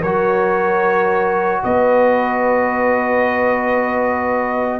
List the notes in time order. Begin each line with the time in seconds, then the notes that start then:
0.00 F#3 F#4 A#4 C#5
1.63 B3 B4 D#5